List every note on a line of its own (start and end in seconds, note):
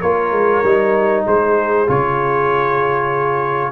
0.00 0.32 A#3
0.00 0.64 F4
0.00 1.24 A#4
0.00 1.24 C#5
0.32 0.62 G#3
0.63 1.25 G3
0.63 1.87 D#4
1.26 1.88 G#3
1.26 3.71 G#4
1.26 1.89 C5
1.87 3.71 C#3
1.87 3.71 F4
1.87 3.71 C#5